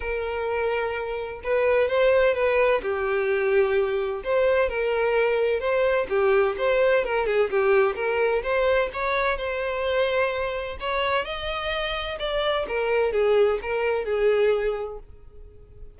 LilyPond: \new Staff \with { instrumentName = "violin" } { \time 4/4 \tempo 4 = 128 ais'2. b'4 | c''4 b'4 g'2~ | g'4 c''4 ais'2 | c''4 g'4 c''4 ais'8 gis'8 |
g'4 ais'4 c''4 cis''4 | c''2. cis''4 | dis''2 d''4 ais'4 | gis'4 ais'4 gis'2 | }